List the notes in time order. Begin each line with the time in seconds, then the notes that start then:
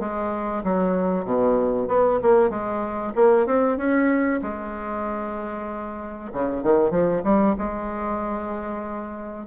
0.00 G#3
0.64 F#3
1.25 B2
1.88 B3
2.22 A#3
2.50 G#3
3.16 A#3
3.47 C4
3.78 C#4
4.42 G#3
6.33 C#3
6.63 D#3
6.91 F3
7.24 G3
7.58 G#3